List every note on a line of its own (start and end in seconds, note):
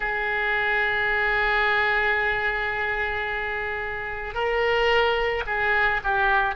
0.00 4.34 G#4
4.34 5.43 A#4
5.46 6.00 G#4
6.03 6.55 G4